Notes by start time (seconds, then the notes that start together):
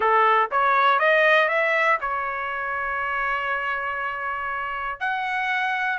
0.00 A4
0.51 C#5
0.99 D#5
1.48 E5
2.00 C#5
5.00 F#5